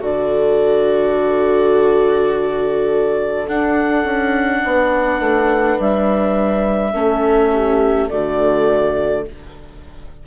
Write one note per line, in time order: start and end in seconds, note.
0.00 3.48 D3
0.00 3.46 F#4
0.00 4.62 A4
0.00 3.48 D5
3.47 6.93 D4
3.47 4.04 D4
3.47 5.79 F#5
4.04 4.61 C#4
4.64 5.19 B3
4.64 6.94 B4
5.19 5.77 A3
5.79 6.93 G3
5.79 8.09 E5
6.93 8.09 A3
6.93 8.08 C#4
6.93 7.51 A4
7.52 8.10 G4
8.09 9.26 D3
8.09 9.25 A3
8.09 9.25 F#4
8.09 9.24 D5